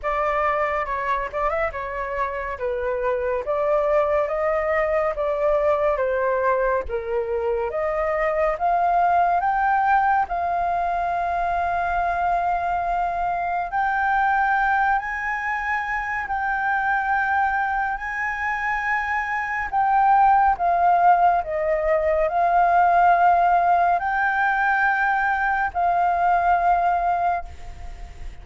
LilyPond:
\new Staff \with { instrumentName = "flute" } { \time 4/4 \tempo 4 = 70 d''4 cis''8 d''16 e''16 cis''4 b'4 | d''4 dis''4 d''4 c''4 | ais'4 dis''4 f''4 g''4 | f''1 |
g''4. gis''4. g''4~ | g''4 gis''2 g''4 | f''4 dis''4 f''2 | g''2 f''2 | }